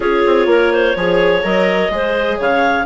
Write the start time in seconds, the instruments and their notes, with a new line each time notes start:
0.00 bassoon C#4, viola F4, clarinet G#4 C#5
0.26 bassoon C4
0.46 bassoon A#3, clarinet A#4
0.72 clarinet C5
0.95 bassoon F3, viola G#4, clarinet C#5
1.43 bassoon F#3, viola A#4, clarinet D#5
1.89 bassoon G#3, viola G#4, clarinet C5
2.37 bassoon C#3, clarinet C#5 F5